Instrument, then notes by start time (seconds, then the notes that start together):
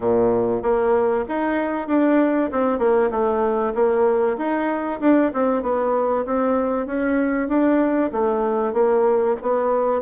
bassoon
0.00 A#2
0.62 A#3
1.28 D#4
1.88 D4
2.51 C4
2.78 A#3
3.10 A3
3.74 A#3
4.37 D#4
5.00 D4
5.33 C4
5.62 B3
6.25 C4
6.86 C#4
7.48 D4
8.12 A3
8.73 A#3
9.42 B3